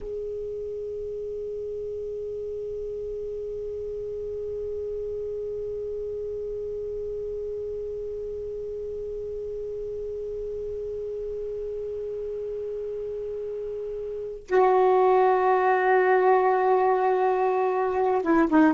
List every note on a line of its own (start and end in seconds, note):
0.00 14.46 G#4
14.47 18.21 F#4
18.21 18.48 E4
18.49 18.73 D#4